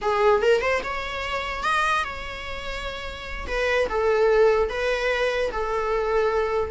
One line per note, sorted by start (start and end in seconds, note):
0.01 0.41 G#4
0.41 0.61 A#4
0.61 0.81 C5
0.83 1.63 C#5
1.63 2.04 D#5
2.04 3.47 C#5
3.47 3.88 B4
3.89 4.69 A4
4.69 5.50 B4
5.52 6.71 A4